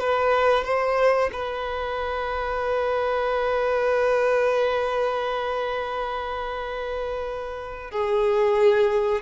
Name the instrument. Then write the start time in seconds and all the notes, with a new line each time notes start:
violin
0.00 B4
0.64 C5
1.32 B4
7.91 G#4